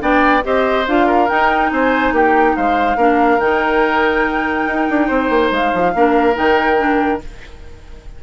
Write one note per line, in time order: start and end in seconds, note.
0.00 0.43 B3
0.00 0.42 D4
0.00 0.44 D5
0.00 0.44 G5
0.43 0.87 C4
0.43 0.86 G4
0.43 1.07 C5
0.43 0.87 D#5
0.87 1.29 D4
0.87 1.29 F4
0.87 1.29 F5
1.07 1.70 A#4
1.29 2.98 D#4
1.29 1.71 D#4
1.29 1.71 G5
1.71 2.12 C4
1.71 2.14 C5
1.71 2.14 G#5
2.12 2.54 A#3
2.12 2.56 G4
2.12 2.56 G5
2.56 2.96 G#3
2.56 2.97 C5
2.56 3.40 F5
2.96 3.39 A#3
2.96 3.40 D4
2.96 5.07 A#4
3.39 4.66 D#3
3.39 5.94 D#4
3.39 5.51 G5
4.67 4.88 D#4
4.90 5.10 D4
5.07 5.30 C4
5.07 5.92 C5
5.30 5.51 A#3
5.51 5.72 G#3
5.51 6.36 F5
5.74 5.95 F3
5.95 6.37 A#3
5.95 6.33 D4
5.95 7.23 A#4
6.33 7.22 D#3
6.33 6.76 D#4
6.33 7.21 G5
6.77 7.20 D4